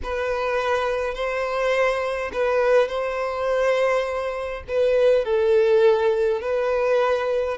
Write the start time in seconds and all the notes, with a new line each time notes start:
0.03 B4
1.14 C5
2.32 B4
2.88 C5
4.68 B4
5.25 A4
6.41 B4